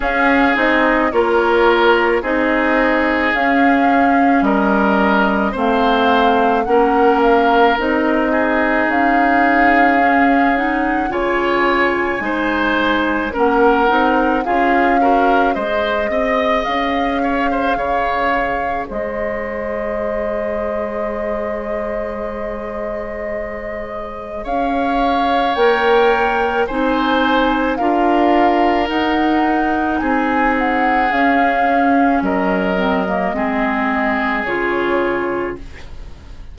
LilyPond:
<<
  \new Staff \with { instrumentName = "flute" } { \time 4/4 \tempo 4 = 54 f''8 dis''8 cis''4 dis''4 f''4 | dis''4 f''4 fis''8 f''8 dis''4 | f''4. fis''8 gis''2 | fis''4 f''4 dis''4 f''4~ |
f''4 dis''2.~ | dis''2 f''4 g''4 | gis''4 f''4 fis''4 gis''8 fis''8 | f''4 dis''2 cis''4 | }
  \new Staff \with { instrumentName = "oboe" } { \time 4/4 gis'4 ais'4 gis'2 | ais'4 c''4 ais'4. gis'8~ | gis'2 cis''4 c''4 | ais'4 gis'8 ais'8 c''8 dis''4 cis''16 c''16 |
cis''4 c''2.~ | c''2 cis''2 | c''4 ais'2 gis'4~ | gis'4 ais'4 gis'2 | }
  \new Staff \with { instrumentName = "clarinet" } { \time 4/4 cis'8 dis'8 f'4 dis'4 cis'4~ | cis'4 c'4 cis'4 dis'4~ | dis'4 cis'8 dis'8 f'4 dis'4 | cis'8 dis'8 f'8 fis'8 gis'2~ |
gis'1~ | gis'2. ais'4 | dis'4 f'4 dis'2 | cis'4. c'16 ais16 c'4 f'4 | }
  \new Staff \with { instrumentName = "bassoon" } { \time 4/4 cis'8 c'8 ais4 c'4 cis'4 | g4 a4 ais4 c'4 | cis'2 cis4 gis4 | ais8 c'8 cis'4 gis8 c'8 cis'4 |
cis4 gis2.~ | gis2 cis'4 ais4 | c'4 d'4 dis'4 c'4 | cis'4 fis4 gis4 cis4 | }
>>